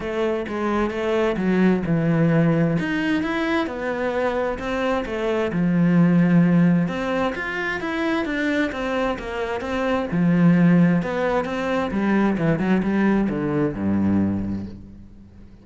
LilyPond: \new Staff \with { instrumentName = "cello" } { \time 4/4 \tempo 4 = 131 a4 gis4 a4 fis4 | e2 dis'4 e'4 | b2 c'4 a4 | f2. c'4 |
f'4 e'4 d'4 c'4 | ais4 c'4 f2 | b4 c'4 g4 e8 fis8 | g4 d4 g,2 | }